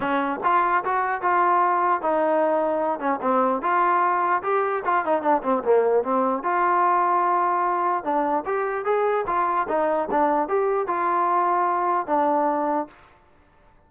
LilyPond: \new Staff \with { instrumentName = "trombone" } { \time 4/4 \tempo 4 = 149 cis'4 f'4 fis'4 f'4~ | f'4 dis'2~ dis'8 cis'8 | c'4 f'2 g'4 | f'8 dis'8 d'8 c'8 ais4 c'4 |
f'1 | d'4 g'4 gis'4 f'4 | dis'4 d'4 g'4 f'4~ | f'2 d'2 | }